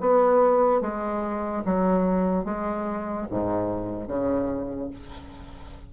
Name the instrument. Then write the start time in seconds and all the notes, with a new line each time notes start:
bassoon
0.00 B3
0.81 G#3
1.64 F#3
2.44 G#3
3.30 G#2
4.08 C#3